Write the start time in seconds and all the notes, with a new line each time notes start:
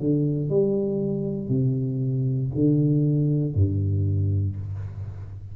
0.00 D3
0.49 G3
1.48 C3
2.55 D3
3.55 G2